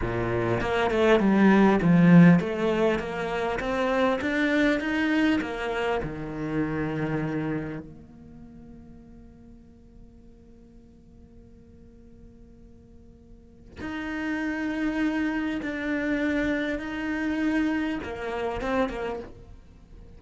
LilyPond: \new Staff \with { instrumentName = "cello" } { \time 4/4 \tempo 4 = 100 ais,4 ais8 a8 g4 f4 | a4 ais4 c'4 d'4 | dis'4 ais4 dis2~ | dis4 ais2.~ |
ais1~ | ais2. dis'4~ | dis'2 d'2 | dis'2 ais4 c'8 ais8 | }